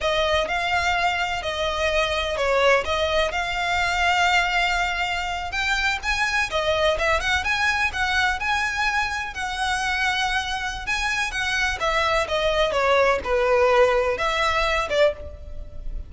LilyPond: \new Staff \with { instrumentName = "violin" } { \time 4/4 \tempo 4 = 127 dis''4 f''2 dis''4~ | dis''4 cis''4 dis''4 f''4~ | f''2.~ f''8. g''16~ | g''8. gis''4 dis''4 e''8 fis''8 gis''16~ |
gis''8. fis''4 gis''2 fis''16~ | fis''2. gis''4 | fis''4 e''4 dis''4 cis''4 | b'2 e''4. d''8 | }